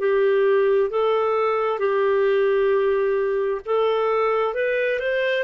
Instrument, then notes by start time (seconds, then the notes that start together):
clarinet
0.00 G4
0.91 A4
1.80 G4
3.66 A4
4.55 B4
5.00 C5